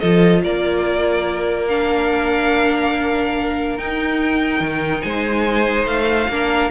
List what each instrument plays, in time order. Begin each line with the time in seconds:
0.00 cello F3, viola F4, violin A4 D#5
0.44 cello A#3, violin A#4 D5
1.69 viola D4, violin F5
3.79 viola D#4, cello D#4, violin G5
4.61 cello D#3
5.02 cello G#3, violin C5 G#5
5.86 cello A3, violin F5
6.29 cello A#3, viola D4, violin A#4